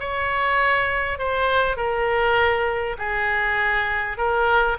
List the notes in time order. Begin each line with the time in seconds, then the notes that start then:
0.00 C#5
1.19 C5
1.77 A#4
2.98 G#4
4.18 A#4